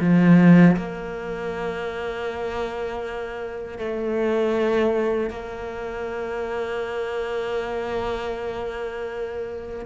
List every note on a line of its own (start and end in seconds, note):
0.00 0.76 F3
0.76 3.78 A#3
3.78 5.30 A3
5.30 9.86 A#3